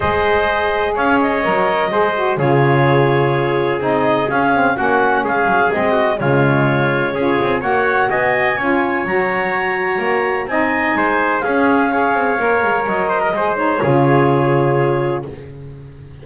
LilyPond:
<<
  \new Staff \with { instrumentName = "clarinet" } { \time 4/4 \tempo 4 = 126 dis''2 f''8 dis''4.~ | dis''4 cis''2. | dis''4 f''4 fis''4 f''4 | dis''4 cis''2. |
fis''4 gis''2 ais''4~ | ais''2 gis''2 | f''2. dis''4~ | dis''8 cis''2.~ cis''8 | }
  \new Staff \with { instrumentName = "trumpet" } { \time 4/4 c''2 cis''2 | c''4 gis'2.~ | gis'2 fis'4 gis'4~ | gis'8 fis'8 f'2 gis'4 |
cis''4 dis''4 cis''2~ | cis''2 dis''4 c''4 | gis'4 cis''2~ cis''8 c''16 ais'16 | c''4 gis'2. | }
  \new Staff \with { instrumentName = "saxophone" } { \time 4/4 gis'2. ais'4 | gis'8 fis'8 f'2. | dis'4 cis'8 c'8 cis'2 | c'4 gis2 f'4 |
fis'2 f'4 fis'4~ | fis'2 dis'2 | cis'4 gis'4 ais'2 | gis'8 dis'8 f'2. | }
  \new Staff \with { instrumentName = "double bass" } { \time 4/4 gis2 cis'4 fis4 | gis4 cis2. | c'4 cis'4 ais4 gis8 fis8 | gis4 cis2 cis'8 c'8 |
ais4 b4 cis'4 fis4~ | fis4 ais4 c'4 gis4 | cis'4. c'8 ais8 gis8 fis4 | gis4 cis2. | }
>>